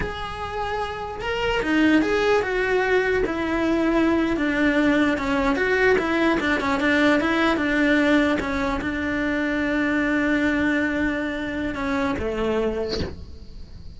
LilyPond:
\new Staff \with { instrumentName = "cello" } { \time 4/4 \tempo 4 = 148 gis'2. ais'4 | dis'4 gis'4 fis'2 | e'2~ e'8. d'4~ d'16~ | d'8. cis'4 fis'4 e'4 d'16~ |
d'16 cis'8 d'4 e'4 d'4~ d'16~ | d'8. cis'4 d'2~ d'16~ | d'1~ | d'4 cis'4 a2 | }